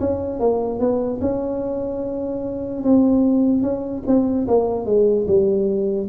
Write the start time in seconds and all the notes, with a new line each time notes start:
0.00 C#4
0.39 A#3
0.79 B3
1.21 C#4
2.83 C4
3.62 C#4
4.07 C4
4.47 A#3
4.85 G#3
5.27 G3